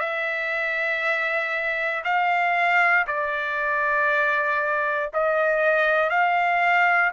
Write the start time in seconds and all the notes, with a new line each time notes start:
0.00 E5
2.04 F5
3.07 D5
5.14 D#5
6.10 F5